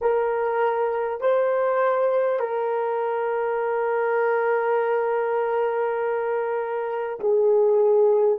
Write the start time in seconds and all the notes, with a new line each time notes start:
0.01 A#4
1.21 C5
2.39 A#4
7.19 G#4